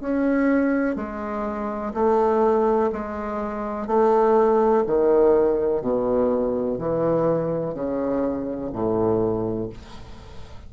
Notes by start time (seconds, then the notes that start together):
0.00 C#4
0.95 G#3
1.94 A3
2.92 G#3
3.87 A3
4.87 D#3
5.81 B2
6.78 E3
7.74 C#3
8.72 A2